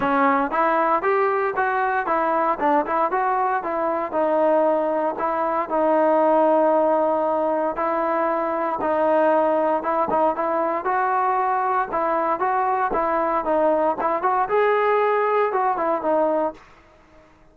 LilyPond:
\new Staff \with { instrumentName = "trombone" } { \time 4/4 \tempo 4 = 116 cis'4 e'4 g'4 fis'4 | e'4 d'8 e'8 fis'4 e'4 | dis'2 e'4 dis'4~ | dis'2. e'4~ |
e'4 dis'2 e'8 dis'8 | e'4 fis'2 e'4 | fis'4 e'4 dis'4 e'8 fis'8 | gis'2 fis'8 e'8 dis'4 | }